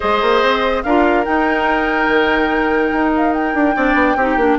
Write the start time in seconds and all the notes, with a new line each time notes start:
0.00 G#3 G#4 C5 D#5
0.21 A#3
0.42 C4
0.82 D4 F4 A#4 F5
1.24 D#4 G5
2.08 D#3
2.92 D#4
3.16 F5
3.33 G5
3.54 D4
3.75 C4 D4 D5
3.94 B3
4.16 C4 D#4 G4
4.36 A#3 D4